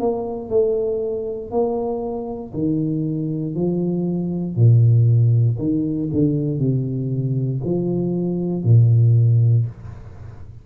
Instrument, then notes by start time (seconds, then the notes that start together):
tuba
0.00 A#3
0.50 A3
1.51 A#3
2.54 D#3
3.55 F3
4.56 A#2
5.59 D#3
6.13 D3
6.59 C3
7.65 F3
8.64 A#2